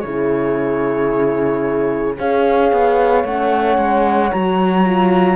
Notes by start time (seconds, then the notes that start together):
0.00 C#3 E4 G#4 C#5
2.18 C#4 G#4 C#5 F5
2.72 B3
3.24 A3 C#4 F#5
3.77 G#3
4.31 F#3 F#4 A#5
4.85 F4